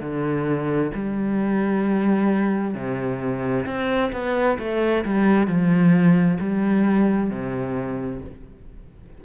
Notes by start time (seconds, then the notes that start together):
0.00 D3
0.94 G3
2.74 C3
3.66 C4
4.12 B3
4.58 A3
5.04 G3
5.47 F3
6.40 G3
7.30 C3